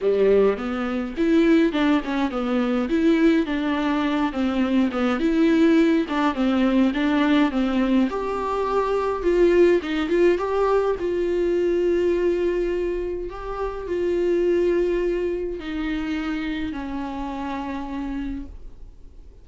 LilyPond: \new Staff \with { instrumentName = "viola" } { \time 4/4 \tempo 4 = 104 g4 b4 e'4 d'8 cis'8 | b4 e'4 d'4. c'8~ | c'8 b8 e'4. d'8 c'4 | d'4 c'4 g'2 |
f'4 dis'8 f'8 g'4 f'4~ | f'2. g'4 | f'2. dis'4~ | dis'4 cis'2. | }